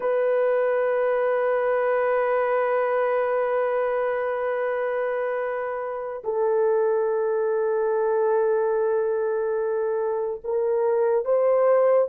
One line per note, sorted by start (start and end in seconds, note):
0.00 6.22 B4
6.24 10.41 A4
10.44 11.25 A#4
11.25 12.08 C5